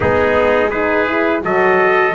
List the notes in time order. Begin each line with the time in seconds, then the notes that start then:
0.00 G#3 B3 D#4 G#4
0.69 D#4 G#4 B4
1.06 E4
1.42 F#3 F#4 A4 D#5